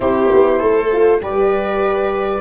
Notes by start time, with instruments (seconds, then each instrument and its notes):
0.00 tuba C4, horn E4, viola G4, flute C5
0.33 tuba B3
0.59 tuba A3, viola A4
0.92 horn F4
1.21 tuba G3, horn G4, viola B4, flute D5